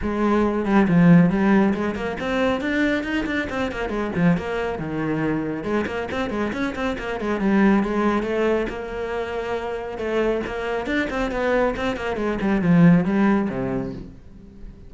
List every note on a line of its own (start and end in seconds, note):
0.02 0.65 G#3
0.65 0.87 G3
0.88 1.29 F3
1.29 1.73 G3
1.74 1.95 G#3
1.95 2.16 A#3
2.20 2.60 C4
2.60 3.03 D4
3.03 3.25 D#4
3.26 3.47 D4
3.49 3.71 C4
3.71 3.89 A#3
3.89 4.11 G#3
4.15 4.37 F3
4.37 4.78 A#3
4.78 5.63 D#3
5.63 5.85 G#3
5.86 6.08 A#3
6.11 6.30 C4
6.30 6.52 G#3
6.52 6.74 C#4
6.75 6.97 C4
6.98 7.20 A#3
7.20 7.40 G#3
7.40 7.83 G3
7.83 8.22 G#3
8.22 8.66 A3
8.69 9.97 A#3
9.97 10.41 A3
10.46 10.86 A#3
10.86 11.08 D4
11.10 11.31 C4
11.31 11.75 B3
11.76 11.96 C4
11.96 12.16 A#3
12.16 12.38 G#3
12.41 12.61 G3
12.61 13.05 F3
13.05 13.48 G3
13.49 13.92 C3